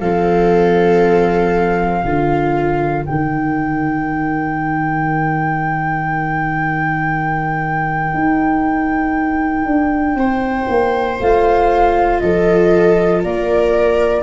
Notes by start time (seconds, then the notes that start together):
0.00 F3 C4 A4 F5
2.01 D3 F4 A#4
3.05 D#3 D#4 G5
8.14 D#4
9.66 D4
10.15 C4 C5
10.68 A#3
11.20 A3 F4 F5
12.20 F3 A4 D#5
13.24 A#3 A#4 D5